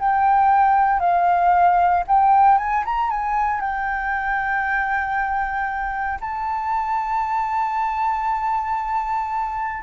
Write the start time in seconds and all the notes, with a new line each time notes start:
0.00 G5
1.00 F5
2.08 G5
2.58 G#5
2.85 A#5
3.10 G#5
3.61 G5
6.21 A5